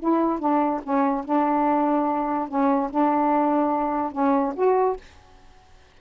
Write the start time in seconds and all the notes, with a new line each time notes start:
0.00 E4
0.40 D4
0.83 C#4
1.25 D4
2.49 C#4
2.91 D4
4.12 C#4
4.56 F#4